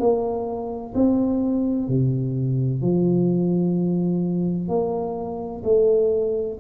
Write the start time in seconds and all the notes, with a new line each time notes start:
0.00 A#3
0.95 C4
1.88 C3
2.82 F3
4.69 A#3
5.65 A3